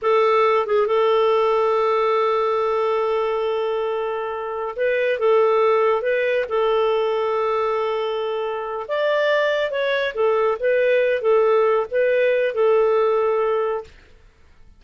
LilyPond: \new Staff \with { instrumentName = "clarinet" } { \time 4/4 \tempo 4 = 139 a'4. gis'8 a'2~ | a'1~ | a'2. b'4 | a'2 b'4 a'4~ |
a'1~ | a'8 d''2 cis''4 a'8~ | a'8 b'4. a'4. b'8~ | b'4 a'2. | }